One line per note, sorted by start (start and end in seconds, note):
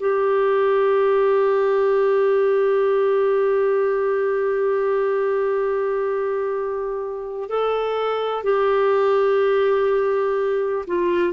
0.00 7.50 G4
7.50 8.43 A4
8.43 10.85 G4
10.87 11.33 F4